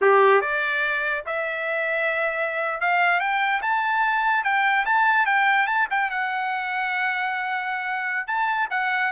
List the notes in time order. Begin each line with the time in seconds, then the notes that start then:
0.01 G4
0.41 D5
1.26 E5
2.80 F5
3.20 G5
3.62 A5
4.44 G5
4.85 A5
5.26 G5
5.67 A5
5.90 G5
6.10 F#5
8.27 A5
8.70 F#5